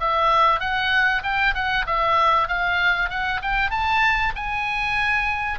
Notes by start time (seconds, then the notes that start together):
0.00 E5
0.60 F#5
1.23 G5
1.54 F#5
1.86 E5
2.48 F5
3.10 F#5
3.42 G5
3.70 A5
4.36 G#5